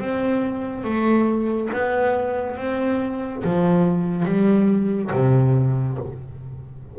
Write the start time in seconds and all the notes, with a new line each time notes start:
0.00 C4
0.85 A3
1.73 B3
2.57 C4
3.44 F3
4.25 G3
5.13 C3